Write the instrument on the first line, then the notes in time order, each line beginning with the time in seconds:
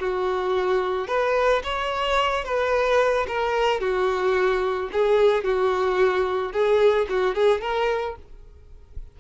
violin
0.00 F#4
1.08 B4
1.64 C#5
2.45 B4
3.28 A#4
3.81 F#4
4.93 G#4
5.44 F#4
6.53 G#4
7.10 F#4
7.35 G#4
7.61 A#4